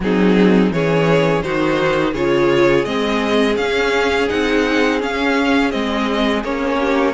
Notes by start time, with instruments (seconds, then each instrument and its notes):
0.00 cello F#3, viola C4, violin D#4 G#4
0.71 cello E3, viola C#4, violin G#4 C#5
1.42 cello D#3, viola D#4, violin F#4 C5
2.12 cello C#3, viola F4, violin G#4 C#5
2.84 cello G#3, viola C4, violin D#5
3.56 cello C#4, viola C#4, violin F5
4.29 cello C4, viola D#4, violin F#5
5.00 viola C#4, cello C#4, violin F5
5.71 cello G#3, viola C4, violin D#5
6.43 cello A#3, viola C#4, violin C#5
6.79 violin G4